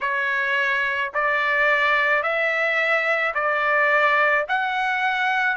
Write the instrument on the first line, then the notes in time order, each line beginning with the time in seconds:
trumpet
0.01 C#5
1.14 D5
2.22 E5
3.34 D5
4.48 F#5